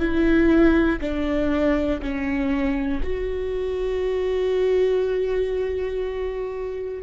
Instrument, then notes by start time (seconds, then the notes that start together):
viola
0.00 E4
1.01 D4
2.02 C#4
3.03 F#4